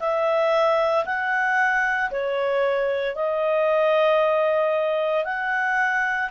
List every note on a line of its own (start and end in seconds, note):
0.00 1.05 E5
1.06 2.11 F#5
2.11 3.16 C#5
3.16 5.25 D#5
5.25 6.31 F#5